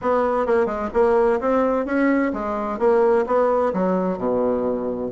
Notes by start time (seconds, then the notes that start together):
0.01 B3
0.46 A#3
0.66 G#3
0.93 A#3
1.40 C4
1.85 C#4
2.33 G#3
2.78 A#3
3.26 B3
3.73 F#3
4.18 B2